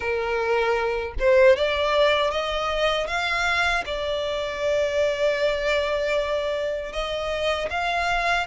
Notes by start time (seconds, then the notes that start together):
0.00 A#4
1.19 C5
1.56 D5
2.30 D#5
3.07 F5
3.85 D5
6.92 D#5
7.70 F5